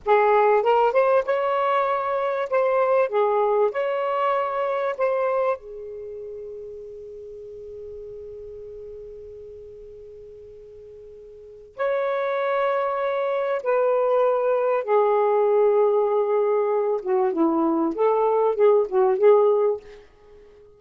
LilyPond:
\new Staff \with { instrumentName = "saxophone" } { \time 4/4 \tempo 4 = 97 gis'4 ais'8 c''8 cis''2 | c''4 gis'4 cis''2 | c''4 gis'2.~ | gis'1~ |
gis'2. cis''4~ | cis''2 b'2 | gis'2.~ gis'8 fis'8 | e'4 a'4 gis'8 fis'8 gis'4 | }